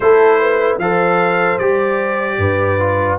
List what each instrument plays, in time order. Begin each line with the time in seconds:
0.00 tuba A3, trombone E4, horn A4, trumpet C5
0.40 horn B4
0.78 tuba F3, trombone A4, horn C5, trumpet F5
1.58 tuba G3, trombone G4, trumpet D5
2.37 tuba G2, horn B4
2.79 trombone F4